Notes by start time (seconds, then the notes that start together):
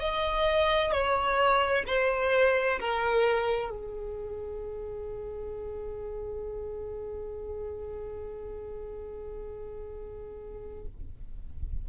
0.00 D#5
0.92 C#5
1.87 C5
2.79 A#4
3.70 G#4